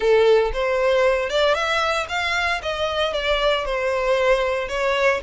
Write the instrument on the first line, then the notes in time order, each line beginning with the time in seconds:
violin
0.00 A4
0.53 C5
1.29 D5
1.54 E5
2.09 F5
2.62 D#5
3.13 D5
3.65 C5
4.68 C#5